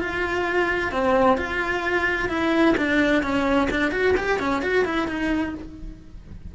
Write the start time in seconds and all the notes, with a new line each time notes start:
0.00 F4
0.92 C4
1.37 F4
2.29 E4
2.77 D4
3.22 C#4
3.70 D4
3.91 F#4
4.17 G4
4.39 C#4
4.62 F#4
4.85 E4
5.08 D#4